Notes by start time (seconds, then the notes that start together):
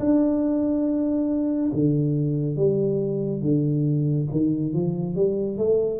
0.00 D4
1.73 D3
2.57 G3
3.42 D3
4.32 D#3
4.74 F3
5.16 G3
5.58 A3